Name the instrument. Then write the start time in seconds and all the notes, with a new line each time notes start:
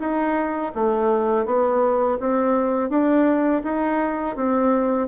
bassoon
0.00 D#4
0.75 A3
1.46 B3
2.20 C4
2.90 D4
3.64 D#4
4.36 C4